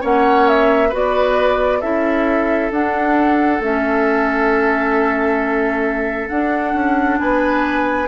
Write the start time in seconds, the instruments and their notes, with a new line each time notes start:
0.00 bassoon A#3, clarinet C#4, oboe C#5, flute F#5
0.48 flute E5
0.89 bassoon B3, clarinet F#4, oboe B4
0.95 flute D5
1.80 bassoon C#4, clarinet E4, oboe A4, flute E5
2.71 bassoon D4, clarinet D4, flute F#5
3.60 bassoon A3, clarinet C#4, flute E5
6.28 clarinet D4, bassoon D4, flute F#5
6.74 bassoon C#4
7.18 bassoon B3, oboe B4, flute G#5